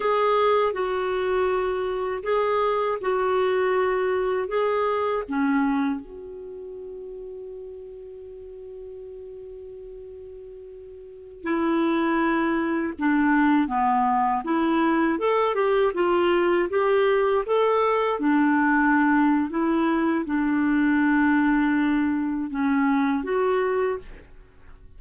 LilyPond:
\new Staff \with { instrumentName = "clarinet" } { \time 4/4 \tempo 4 = 80 gis'4 fis'2 gis'4 | fis'2 gis'4 cis'4 | fis'1~ | fis'2.~ fis'16 e'8.~ |
e'4~ e'16 d'4 b4 e'8.~ | e'16 a'8 g'8 f'4 g'4 a'8.~ | a'16 d'4.~ d'16 e'4 d'4~ | d'2 cis'4 fis'4 | }